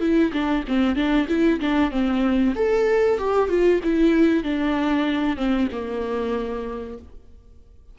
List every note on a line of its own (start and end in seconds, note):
0.00 0.32 E4
0.32 0.64 D4
0.67 0.96 C4
0.96 1.27 D4
1.28 1.59 E4
1.60 1.91 D4
1.91 2.54 C4
2.55 3.18 A4
3.18 3.49 G4
3.49 3.80 F4
3.83 4.43 E4
4.43 5.36 D4
5.36 5.68 C4
5.72 6.98 A#3